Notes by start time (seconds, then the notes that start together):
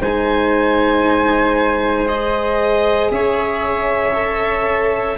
0.00 G#3 D#4 C5 G#5
2.06 G#4 D#5
3.11 C#4 C#5 E5
4.15 A4